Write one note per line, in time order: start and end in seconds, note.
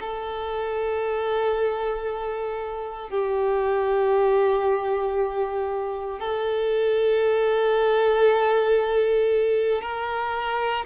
0.00 3.09 A4
3.09 6.20 G4
6.20 9.81 A4
9.81 10.85 A#4